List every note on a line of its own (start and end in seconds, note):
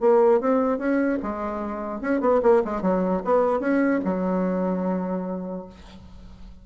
0.00 0.40 A#3
0.40 0.78 C4
0.78 1.18 C#4
1.22 2.01 G#3
2.01 2.21 C#4
2.21 2.41 B3
2.42 2.62 A#3
2.64 2.82 G#3
2.82 3.22 F#3
3.24 3.60 B3
3.60 4.00 C#4
4.04 5.65 F#3